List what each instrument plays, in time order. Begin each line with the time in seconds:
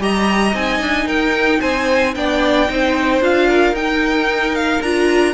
0.00 cello G3, viola G4, violin D#5 A#5
0.54 cello C4, viola D#4, violin G#5
0.81 cello D4
1.06 cello D#4, violin A#4 G5
1.61 cello C4, violin C5 G#5
2.15 cello B3, viola D4, violin D5 G5
2.69 cello C4, viola D#4, violin C5
3.21 cello D4, viola F4, violin F5
3.49 violin A#4
3.73 cello D#4, viola D#4, violin G5
4.56 violin F5
4.82 cello D4, viola F4, violin A#5